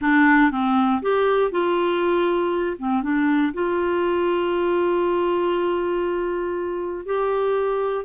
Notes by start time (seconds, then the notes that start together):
0.01 D4
0.51 C4
1.02 G4
1.51 F4
2.78 C4
3.02 D4
3.53 F4
7.05 G4